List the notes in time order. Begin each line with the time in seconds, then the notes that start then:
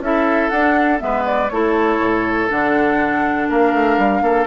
0.00 C#4 E4 A4 E5
0.50 D4 F#5
0.99 G#3 B3 B4 E5
1.26 D5
1.50 A3 E4 A4 C#5
2.00 A2
2.50 D3 D4 F#5
3.49 A#3 A#4 F5
3.74 A3
3.98 G3
4.22 A#3 A4